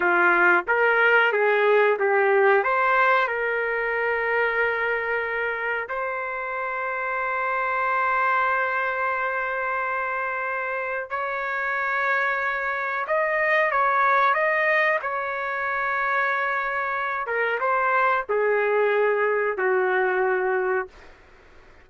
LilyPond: \new Staff \with { instrumentName = "trumpet" } { \time 4/4 \tempo 4 = 92 f'4 ais'4 gis'4 g'4 | c''4 ais'2.~ | ais'4 c''2.~ | c''1~ |
c''4 cis''2. | dis''4 cis''4 dis''4 cis''4~ | cis''2~ cis''8 ais'8 c''4 | gis'2 fis'2 | }